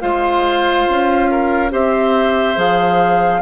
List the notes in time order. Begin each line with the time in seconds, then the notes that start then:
0.00 G#3 F4 C5 F5
0.88 C#4
1.30 A#4
1.70 C4 G4 C5 E5
2.55 F3 G#4 F5